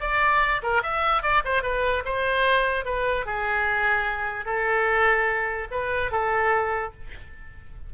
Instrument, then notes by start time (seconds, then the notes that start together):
oboe
0.00 D5
0.62 A#4
0.82 E5
1.22 D5
1.44 C5
1.62 B4
2.05 C5
2.84 B4
3.25 G#4
4.45 A4
5.71 B4
6.11 A4